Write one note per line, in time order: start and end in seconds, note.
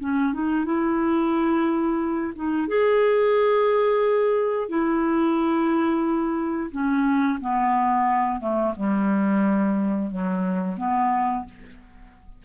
0.00 0.33 C#4
0.33 0.65 D#4
0.65 2.33 E4
2.35 2.68 D#4
2.68 4.68 G#4
4.68 6.70 E4
6.71 7.39 C#4
7.40 8.40 B3
8.40 8.74 A3
8.76 10.10 G3
10.10 10.77 F#3
10.77 11.45 B3